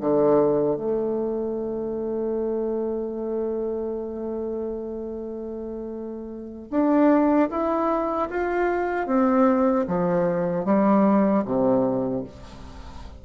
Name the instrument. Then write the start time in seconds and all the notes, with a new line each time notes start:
bassoon
0.00 D3
0.76 A3
6.70 D4
7.50 E4
8.30 F4
9.06 C4
9.87 F3
10.65 G3
11.45 C3